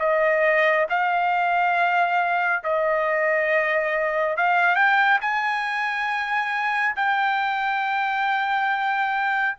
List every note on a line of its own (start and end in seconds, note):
0.00 0.87 D#5
0.90 2.64 F5
2.64 4.37 D#5
4.37 4.76 F5
4.76 5.19 G5
5.21 6.95 G#5
6.96 9.57 G5